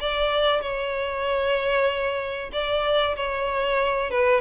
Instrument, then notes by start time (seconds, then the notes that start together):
violin
0.00 D5
0.61 C#5
2.52 D5
3.16 C#5
4.11 B4